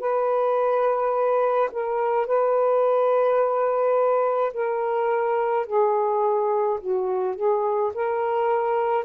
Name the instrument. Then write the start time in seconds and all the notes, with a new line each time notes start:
saxophone
0.00 B4
1.72 A#4
2.27 B4
4.54 A#4
5.67 G#4
6.81 F#4
7.36 G#4
7.95 A#4